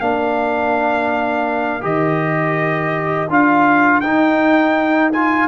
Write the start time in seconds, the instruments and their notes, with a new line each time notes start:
0.00 tuba A#3, trombone D4, horn A#4, trumpet F5
1.81 tuba D#3, trombone G4, trumpet D#5
3.29 tuba D4, trombone F4, trumpet F5
4.00 tuba D#4, trombone D#4, trumpet G5
5.12 trombone F4, trumpet G#5